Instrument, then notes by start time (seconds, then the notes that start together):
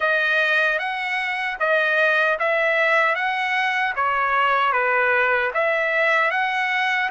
trumpet
0.00 D#5
0.78 F#5
1.59 D#5
2.39 E5
3.15 F#5
3.95 C#5
4.72 B4
5.53 E5
6.30 F#5